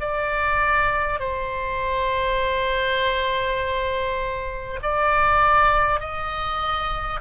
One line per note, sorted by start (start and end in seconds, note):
0.00 1.19 D5
1.19 4.79 C5
4.83 6.01 D5
6.01 7.21 D#5